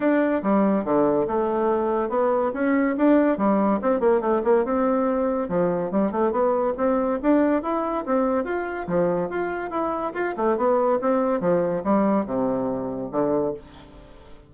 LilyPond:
\new Staff \with { instrumentName = "bassoon" } { \time 4/4 \tempo 4 = 142 d'4 g4 d4 a4~ | a4 b4 cis'4 d'4 | g4 c'8 ais8 a8 ais8 c'4~ | c'4 f4 g8 a8 b4 |
c'4 d'4 e'4 c'4 | f'4 f4 f'4 e'4 | f'8 a8 b4 c'4 f4 | g4 c2 d4 | }